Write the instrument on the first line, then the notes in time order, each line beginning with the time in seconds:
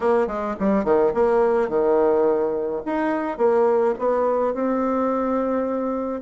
bassoon
0.00 A#3
0.27 G#3
0.59 G3
0.84 D#3
1.13 A#3
1.68 D#3
2.85 D#4
3.37 A#3
3.99 B3
4.53 C4